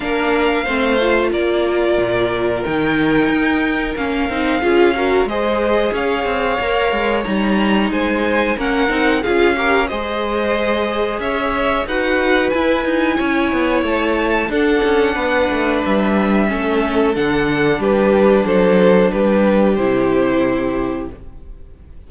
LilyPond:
<<
  \new Staff \with { instrumentName = "violin" } { \time 4/4 \tempo 4 = 91 f''2 d''2 | g''2 f''2 | dis''4 f''2 ais''4 | gis''4 fis''4 f''4 dis''4~ |
dis''4 e''4 fis''4 gis''4~ | gis''4 a''4 fis''2 | e''2 fis''4 b'4 | c''4 b'4 c''2 | }
  \new Staff \with { instrumentName = "violin" } { \time 4/4 ais'4 c''4 ais'2~ | ais'2. gis'8 ais'8 | c''4 cis''2. | c''4 ais'4 gis'8 ais'8 c''4~ |
c''4 cis''4 b'2 | cis''2 a'4 b'4~ | b'4 a'2 g'4 | a'4 g'2. | }
  \new Staff \with { instrumentName = "viola" } { \time 4/4 d'4 c'8 f'2~ f'8 | dis'2 cis'8 dis'8 f'8 fis'8 | gis'2 ais'4 dis'4~ | dis'4 cis'8 dis'8 f'8 g'8 gis'4~ |
gis'2 fis'4 e'4~ | e'2 d'2~ | d'4 cis'4 d'2~ | d'2 e'2 | }
  \new Staff \with { instrumentName = "cello" } { \time 4/4 ais4 a4 ais4 ais,4 | dis4 dis'4 ais8 c'8 cis'4 | gis4 cis'8 c'8 ais8 gis8 g4 | gis4 ais8 c'8 cis'4 gis4~ |
gis4 cis'4 dis'4 e'8 dis'8 | cis'8 b8 a4 d'8 cis'8 b8 a8 | g4 a4 d4 g4 | fis4 g4 c2 | }
>>